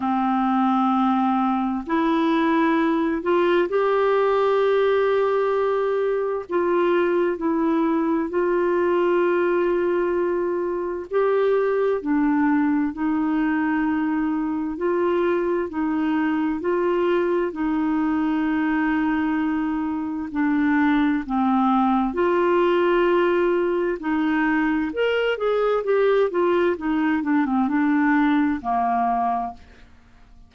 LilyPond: \new Staff \with { instrumentName = "clarinet" } { \time 4/4 \tempo 4 = 65 c'2 e'4. f'8 | g'2. f'4 | e'4 f'2. | g'4 d'4 dis'2 |
f'4 dis'4 f'4 dis'4~ | dis'2 d'4 c'4 | f'2 dis'4 ais'8 gis'8 | g'8 f'8 dis'8 d'16 c'16 d'4 ais4 | }